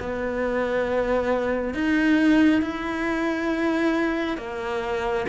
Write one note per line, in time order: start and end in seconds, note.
0.00 1.74 B3
1.74 2.62 D#4
2.62 4.38 E4
4.38 5.26 A#3